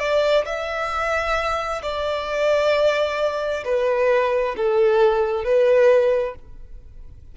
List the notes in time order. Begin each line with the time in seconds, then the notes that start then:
0.00 D5
0.46 E5
1.82 D5
3.65 B4
4.57 A4
5.45 B4